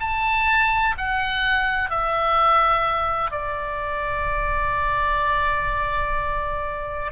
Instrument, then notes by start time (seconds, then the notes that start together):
oboe
0.00 A5
0.98 F#5
1.90 E5
3.31 D5